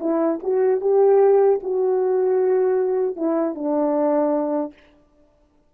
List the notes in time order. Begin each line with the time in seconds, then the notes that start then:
0.00 E4
0.43 F#4
0.81 G4
1.63 F#4
3.16 E4
3.55 D4